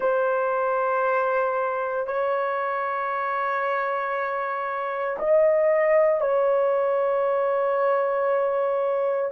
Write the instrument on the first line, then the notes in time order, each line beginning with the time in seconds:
horn
0.00 C5
2.06 C#5
5.19 D#5
6.21 C#5